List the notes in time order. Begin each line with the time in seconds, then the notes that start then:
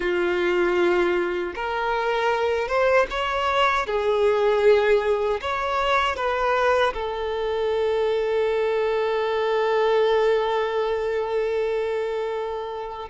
0.00 F4
1.55 A#4
2.67 C5
3.10 C#5
3.86 G#4
5.41 C#5
6.16 B4
6.93 A4